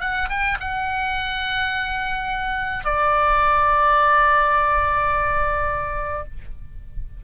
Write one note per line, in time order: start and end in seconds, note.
0.00 0.28 F#5
0.29 0.58 G5
0.60 2.84 F#5
2.84 6.24 D5